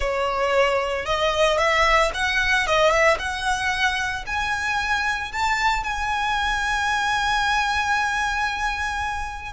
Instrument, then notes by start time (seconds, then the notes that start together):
violin
0.00 C#5
1.05 D#5
1.58 E5
2.14 F#5
2.66 D#5
2.90 E5
3.18 F#5
4.26 G#5
5.31 A5
5.83 G#5